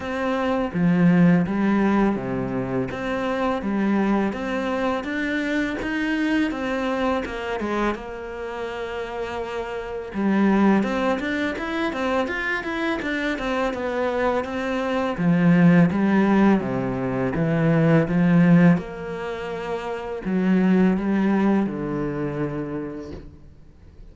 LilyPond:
\new Staff \with { instrumentName = "cello" } { \time 4/4 \tempo 4 = 83 c'4 f4 g4 c4 | c'4 g4 c'4 d'4 | dis'4 c'4 ais8 gis8 ais4~ | ais2 g4 c'8 d'8 |
e'8 c'8 f'8 e'8 d'8 c'8 b4 | c'4 f4 g4 c4 | e4 f4 ais2 | fis4 g4 d2 | }